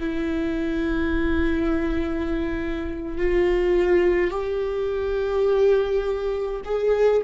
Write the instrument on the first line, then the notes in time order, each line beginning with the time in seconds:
viola
0.00 E4
3.17 F4
4.30 G4
6.64 G#4